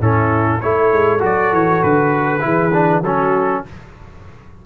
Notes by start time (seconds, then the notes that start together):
0.00 A2 C#4 E4 A4
0.60 A3 E4 C#5
0.67 A4
0.92 G#3
1.19 F#3 F#4
1.25 D5
1.52 E3 C#5
1.82 D3 B4
2.40 E3 E4 G#4
2.73 D4
3.02 F#3 C#4 F#4 A4